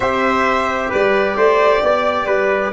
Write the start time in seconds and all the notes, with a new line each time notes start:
0.00 C4 G4 C5 E5
0.89 G3 B4 D5
1.36 A3 C5
1.82 B3 D5
2.25 G3 B4